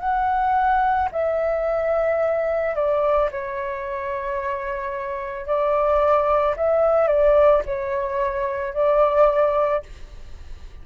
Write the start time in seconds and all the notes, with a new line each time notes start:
0.00 F#5
1.12 E5
2.76 D5
3.32 C#5
5.47 D5
6.57 E5
7.08 D5
7.66 C#5
8.74 D5